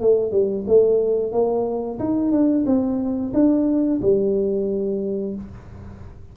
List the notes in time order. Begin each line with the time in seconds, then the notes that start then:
0.00 A3
0.31 G3
0.67 A3
1.32 A#3
1.99 D#4
2.31 D4
2.65 C4
3.33 D4
4.01 G3